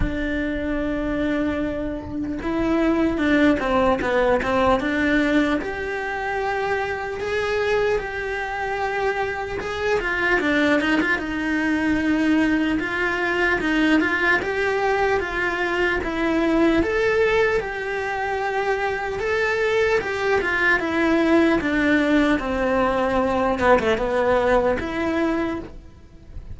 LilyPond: \new Staff \with { instrumentName = "cello" } { \time 4/4 \tempo 4 = 75 d'2. e'4 | d'8 c'8 b8 c'8 d'4 g'4~ | g'4 gis'4 g'2 | gis'8 f'8 d'8 dis'16 f'16 dis'2 |
f'4 dis'8 f'8 g'4 f'4 | e'4 a'4 g'2 | a'4 g'8 f'8 e'4 d'4 | c'4. b16 a16 b4 e'4 | }